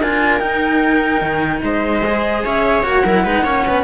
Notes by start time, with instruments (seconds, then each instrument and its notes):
0.00 cello D4 F4, viola A#4, flute G#5
0.39 cello D#4, flute G5
1.21 cello D#3
1.62 cello G#3, viola C5, flute D#5
2.05 cello G#4
2.44 cello C#4, viola C#5, flute E5
2.83 cello A#3 F#4, flute F#5
3.04 cello F#3 E4, viola A#4
3.24 cello G#3 D#4, viola B4
3.42 cello A#3 C#4, viola C#5
3.67 cello B3, viola B4